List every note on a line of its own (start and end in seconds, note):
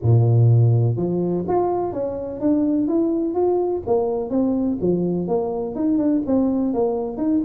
0.02 0.96 A#2
0.96 1.44 F3
1.48 1.92 F4
1.92 2.40 C#4
2.40 2.87 D4
2.87 3.34 E4
3.34 3.82 F4
3.86 4.29 A#3
4.29 4.77 C4
4.80 5.27 F3
5.27 5.75 A#3
5.75 5.98 D#4
5.98 6.22 D4
6.26 6.73 C4
6.73 7.17 A#3
7.17 7.41 D#4